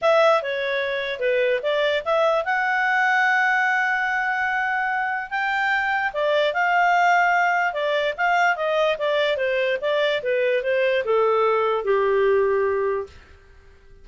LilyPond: \new Staff \with { instrumentName = "clarinet" } { \time 4/4 \tempo 4 = 147 e''4 cis''2 b'4 | d''4 e''4 fis''2~ | fis''1~ | fis''4 g''2 d''4 |
f''2. d''4 | f''4 dis''4 d''4 c''4 | d''4 b'4 c''4 a'4~ | a'4 g'2. | }